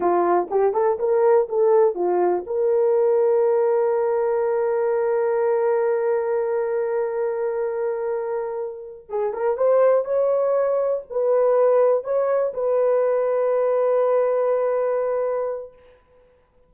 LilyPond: \new Staff \with { instrumentName = "horn" } { \time 4/4 \tempo 4 = 122 f'4 g'8 a'8 ais'4 a'4 | f'4 ais'2.~ | ais'1~ | ais'1~ |
ais'2~ ais'8 gis'8 ais'8 c''8~ | c''8 cis''2 b'4.~ | b'8 cis''4 b'2~ b'8~ | b'1 | }